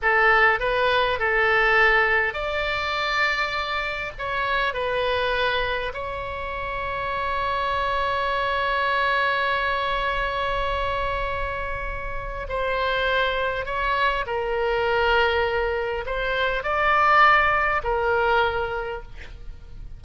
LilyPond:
\new Staff \with { instrumentName = "oboe" } { \time 4/4 \tempo 4 = 101 a'4 b'4 a'2 | d''2. cis''4 | b'2 cis''2~ | cis''1~ |
cis''1~ | cis''4 c''2 cis''4 | ais'2. c''4 | d''2 ais'2 | }